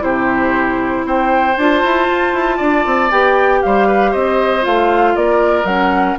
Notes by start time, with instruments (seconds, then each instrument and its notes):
0.00 bassoon C3, clarinet E4, oboe G4, flute C5
1.05 bassoon C4, oboe C5, flute G5
1.57 bassoon D4, clarinet F4, flute A5
1.84 bassoon E4
2.08 bassoon F4
2.33 bassoon E4
2.57 bassoon D4, oboe D5
2.86 bassoon C4
3.11 bassoon B3, clarinet G4, flute G5
3.62 bassoon G3, oboe C5, flute F5
3.87 oboe B4
4.11 bassoon C4, oboe C5, flute D#5
4.61 bassoon A3, clarinet F4, flute F5
5.16 bassoon A#3, oboe A#4, flute D5
5.65 bassoon F#3, clarinet C#4, flute F#5